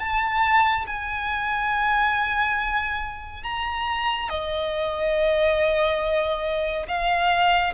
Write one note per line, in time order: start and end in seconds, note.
0.00 0.86 A5
0.87 3.44 G#5
3.44 4.29 A#5
4.29 6.86 D#5
6.88 7.74 F5